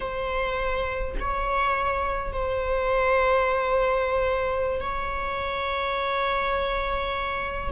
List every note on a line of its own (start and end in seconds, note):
0.00 1.15 C5
1.19 2.32 C#5
2.32 4.80 C5
4.80 7.71 C#5